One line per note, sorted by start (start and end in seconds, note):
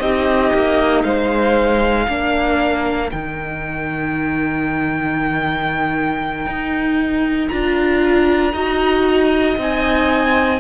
0.00 0.52 C4
0.00 2.08 D#4
0.00 1.04 G4
0.00 1.03 D#5
0.54 1.04 A#3
1.03 2.08 G#3
1.03 2.06 C5
1.03 3.10 F5
2.06 3.12 A#3
2.06 3.10 D4
2.06 8.53 A#4
3.10 6.46 D#3
3.10 7.49 D#4
3.10 7.48 G5
6.46 7.49 D#4
7.48 8.53 D4
7.48 8.53 F4
7.48 9.55 A#5
8.53 9.57 D#4
8.53 9.57 F#4
8.53 10.59 D#5
9.57 10.60 C4
9.57 10.60 D#4
9.57 10.60 G#5